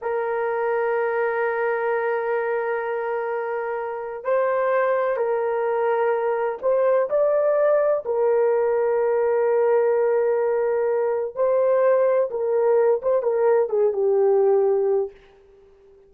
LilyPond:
\new Staff \with { instrumentName = "horn" } { \time 4/4 \tempo 4 = 127 ais'1~ | ais'1~ | ais'4 c''2 ais'4~ | ais'2 c''4 d''4~ |
d''4 ais'2.~ | ais'1 | c''2 ais'4. c''8 | ais'4 gis'8 g'2~ g'8 | }